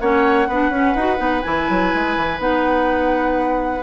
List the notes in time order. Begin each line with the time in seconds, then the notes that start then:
0.00 A#3 C#4 C#5 F#5
0.48 B3 D4 B4
0.70 C#4
0.95 D#4 F#4
1.17 B3 D#4
1.42 E3 E4 G#5
1.69 F#3
1.94 G#3
2.16 E3
2.39 B3 D#4 F#5